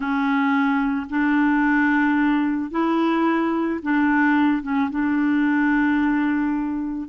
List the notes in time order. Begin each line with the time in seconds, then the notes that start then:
0.00 C#4
1.09 D4
2.70 E4
3.82 D4
4.62 C#4
4.90 D4